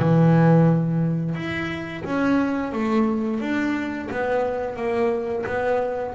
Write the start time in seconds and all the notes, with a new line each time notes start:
0.00 E3
1.35 E4
2.05 C#4
2.73 A3
3.41 D4
4.11 B3
4.77 A#3
5.47 B3